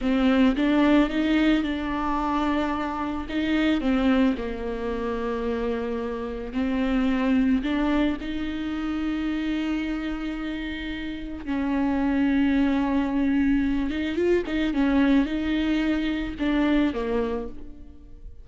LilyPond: \new Staff \with { instrumentName = "viola" } { \time 4/4 \tempo 4 = 110 c'4 d'4 dis'4 d'4~ | d'2 dis'4 c'4 | ais1 | c'2 d'4 dis'4~ |
dis'1~ | dis'4 cis'2.~ | cis'4. dis'8 f'8 dis'8 cis'4 | dis'2 d'4 ais4 | }